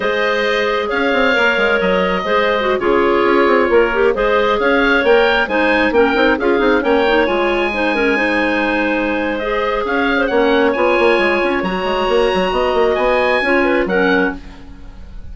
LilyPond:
<<
  \new Staff \with { instrumentName = "oboe" } { \time 4/4 \tempo 4 = 134 dis''2 f''2 | dis''2~ dis''16 cis''4.~ cis''16~ | cis''4~ cis''16 dis''4 f''4 g''8.~ | g''16 gis''4 g''4 f''4 g''8.~ |
g''16 gis''2.~ gis''8.~ | gis''4 dis''4 f''4 fis''4 | gis''2 ais''2~ | ais''4 gis''2 fis''4 | }
  \new Staff \with { instrumentName = "clarinet" } { \time 4/4 c''2 cis''2~ | cis''4 c''4~ c''16 gis'4.~ gis'16~ | gis'16 ais'4 c''4 cis''4.~ cis''16~ | cis''16 c''4 ais'4 gis'4 cis''8.~ |
cis''4~ cis''16 c''8 ais'8 c''4.~ c''16~ | c''2 cis''8. c''16 cis''4~ | cis''1 | dis''2 cis''8 b'8 ais'4 | }
  \new Staff \with { instrumentName = "clarinet" } { \time 4/4 gis'2. ais'4~ | ais'4 gis'8. fis'8 f'4.~ f'16~ | f'8. g'8 gis'2 ais'8.~ | ais'16 dis'4 cis'8 dis'8 f'8 dis'8 cis'8 dis'16~ |
dis'16 f'4 dis'8 cis'8 dis'4.~ dis'16~ | dis'4 gis'2 cis'4 | f'2 fis'2~ | fis'2 f'4 cis'4 | }
  \new Staff \with { instrumentName = "bassoon" } { \time 4/4 gis2 cis'8 c'8 ais8 gis8 | fis4 gis4~ gis16 cis4 cis'8 c'16~ | c'16 ais4 gis4 cis'4 ais8.~ | ais16 gis4 ais8 c'8 cis'8 c'8 ais8.~ |
ais16 gis2.~ gis8.~ | gis2 cis'4 ais4 | b8 ais8 gis8 cis'8 fis8 gis8 ais8 fis8 | b8 ais8 b4 cis'4 fis4 | }
>>